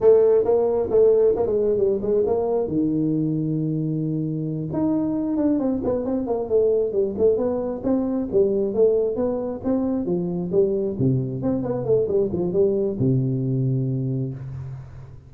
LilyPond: \new Staff \with { instrumentName = "tuba" } { \time 4/4 \tempo 4 = 134 a4 ais4 a4 ais16 gis8. | g8 gis8 ais4 dis2~ | dis2~ dis8 dis'4. | d'8 c'8 b8 c'8 ais8 a4 g8 |
a8 b4 c'4 g4 a8~ | a8 b4 c'4 f4 g8~ | g8 c4 c'8 b8 a8 g8 f8 | g4 c2. | }